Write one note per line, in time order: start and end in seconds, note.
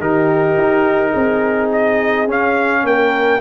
0.00 0.57 D#3
0.00 2.28 D#4
0.00 1.10 G4
0.00 1.71 A#4
0.58 1.14 D#4
1.10 2.27 C4
1.10 2.80 G#4
1.72 2.29 D#5
2.27 2.84 C#4
2.27 3.41 C#4
2.27 2.87 F5
2.84 3.41 A#3
2.84 3.41 A#4
2.84 3.41 G5